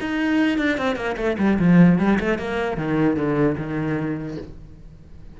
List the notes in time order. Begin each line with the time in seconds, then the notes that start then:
0.00 D#4
0.58 D4
0.77 C4
0.96 A#3
1.17 A3
1.38 G3
1.59 F3
1.98 G3
2.19 A3
2.38 A#3
2.77 D#3
3.15 D3
3.57 D#3